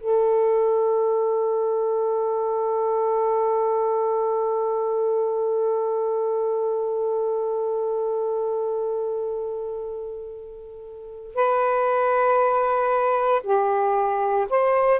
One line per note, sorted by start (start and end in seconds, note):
0.00 11.35 A4
11.35 13.42 B4
13.44 14.47 G4
14.50 15.00 C5